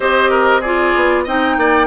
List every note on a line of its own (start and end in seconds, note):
0.00 0.94 C4
0.00 0.62 G4
0.00 0.30 C5
0.00 0.61 D#5
0.30 0.60 A#4
0.60 1.26 F4
0.60 1.24 G#4
0.60 1.24 D5
0.95 1.26 B3
1.24 1.57 C4
1.24 1.86 D#4
1.24 1.55 D#5
1.24 1.86 G5
1.57 1.86 A#3
1.57 1.86 D5